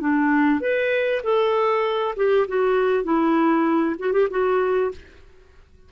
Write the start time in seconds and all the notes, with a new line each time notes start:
0.00 D4
0.60 B4
1.23 A4
2.16 G4
2.48 F#4
3.04 E4
3.99 F#4
4.12 G4
4.30 F#4